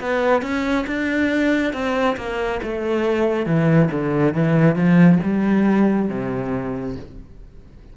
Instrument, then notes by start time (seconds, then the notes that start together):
cello
0.00 B3
0.42 C#4
0.87 D4
1.73 C4
2.17 A#3
2.62 A3
3.46 E3
3.91 D3
4.34 E3
4.75 F3
5.23 G3
6.09 C3